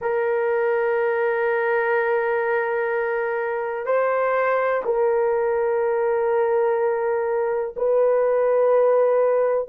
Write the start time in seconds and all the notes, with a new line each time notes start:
0.01 A#4
3.86 C5
4.84 A#4
7.76 B4